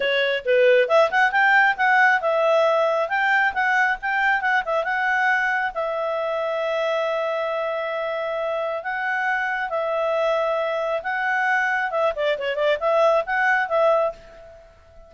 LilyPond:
\new Staff \with { instrumentName = "clarinet" } { \time 4/4 \tempo 4 = 136 cis''4 b'4 e''8 fis''8 g''4 | fis''4 e''2 g''4 | fis''4 g''4 fis''8 e''8 fis''4~ | fis''4 e''2.~ |
e''1 | fis''2 e''2~ | e''4 fis''2 e''8 d''8 | cis''8 d''8 e''4 fis''4 e''4 | }